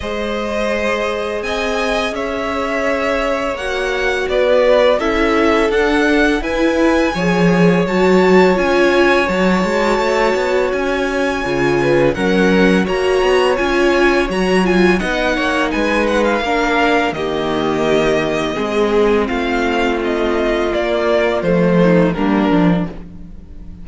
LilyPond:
<<
  \new Staff \with { instrumentName = "violin" } { \time 4/4 \tempo 4 = 84 dis''2 gis''4 e''4~ | e''4 fis''4 d''4 e''4 | fis''4 gis''2 a''4 | gis''4 a''2 gis''4~ |
gis''4 fis''4 ais''4 gis''4 | ais''8 gis''8 fis''4 gis''8 fis''16 f''4~ f''16 | dis''2. f''4 | dis''4 d''4 c''4 ais'4 | }
  \new Staff \with { instrumentName = "violin" } { \time 4/4 c''2 dis''4 cis''4~ | cis''2 b'4 a'4~ | a'4 b'4 cis''2~ | cis''1~ |
cis''8 b'8 ais'4 cis''2~ | cis''4 dis''8 cis''8 b'4 ais'4 | g'2 gis'4 f'4~ | f'2~ f'8 dis'8 d'4 | }
  \new Staff \with { instrumentName = "viola" } { \time 4/4 gis'1~ | gis'4 fis'2 e'4 | d'4 e'4 gis'4 fis'4 | f'4 fis'2. |
f'4 cis'4 fis'4 f'4 | fis'8 f'8 dis'2 d'4 | ais2 c'2~ | c'4 ais4 a4 ais8 d'8 | }
  \new Staff \with { instrumentName = "cello" } { \time 4/4 gis2 c'4 cis'4~ | cis'4 ais4 b4 cis'4 | d'4 e'4 f4 fis4 | cis'4 fis8 gis8 a8 b8 cis'4 |
cis4 fis4 ais8 b8 cis'4 | fis4 b8 ais8 gis4 ais4 | dis2 gis4 a4~ | a4 ais4 f4 g8 f8 | }
>>